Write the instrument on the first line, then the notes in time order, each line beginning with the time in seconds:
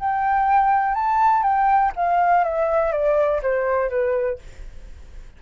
flute
0.00 G5
0.95 A5
1.43 G5
1.96 F5
2.44 E5
2.92 D5
3.43 C5
3.90 B4